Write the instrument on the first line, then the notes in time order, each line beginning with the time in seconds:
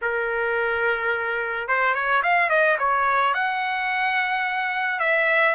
trumpet
0.01 A#4
1.68 C5
1.94 C#5
2.22 F5
2.49 D#5
2.79 C#5
3.34 F#5
4.99 E5